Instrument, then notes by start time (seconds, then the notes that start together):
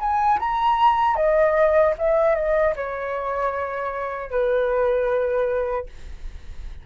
flute
0.00 G#5
0.39 A#5
1.15 D#5
1.98 E5
2.35 D#5
2.76 C#5
4.30 B4